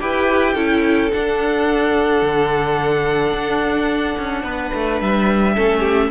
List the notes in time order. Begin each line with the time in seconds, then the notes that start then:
0.00 E4 G4 B4 G5
0.54 C#4 E4 A4
1.12 D4 F#5
2.22 D3
3.32 D4
4.18 C#4
4.43 B3 B4
4.74 A3
5.01 G3 E5
5.54 A3 C#4 A4
5.80 G4